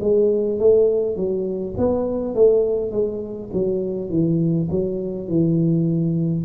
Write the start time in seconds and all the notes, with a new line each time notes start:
0.00 G#3
0.59 A3
1.16 F#3
1.78 B3
2.34 A3
2.91 G#3
3.53 F#3
4.10 E3
4.70 F#3
5.28 E3